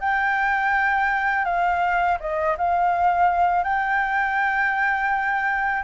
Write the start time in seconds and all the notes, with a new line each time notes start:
0.00 G5
1.45 F5
2.20 D#5
2.58 F5
3.64 G5